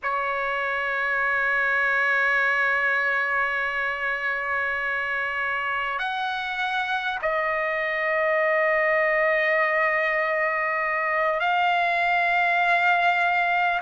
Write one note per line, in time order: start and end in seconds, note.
0.02 5.98 C#5
5.98 7.18 F#5
7.22 11.40 D#5
11.40 13.80 F5